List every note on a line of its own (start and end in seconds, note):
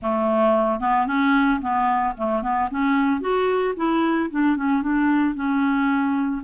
0.02 0.80 A3
0.80 1.06 B3
1.07 1.60 C#4
1.61 2.14 B3
2.17 2.42 A3
2.42 2.69 B3
2.70 3.20 C#4
3.20 3.74 F#4
3.76 4.30 E4
4.30 4.56 D4
4.56 4.82 C#4
4.82 5.34 D4
5.34 6.42 C#4